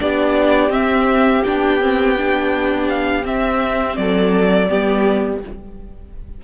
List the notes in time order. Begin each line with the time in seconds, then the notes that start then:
0.00 B3 D4 G4 D5
0.70 C4 E5
1.44 B3 D4 G5
1.81 C4
2.18 D4
2.89 F5
3.23 C4 E5
3.96 F#3 A4 D5
4.69 G3 B3 G4